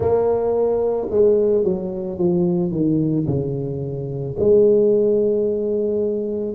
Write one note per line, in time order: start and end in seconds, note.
0.00 1.08 A#3
1.10 1.64 G#3
1.64 2.18 F#3
2.18 2.71 F3
2.71 3.25 D#3
3.26 4.35 C#3
4.39 6.55 G#3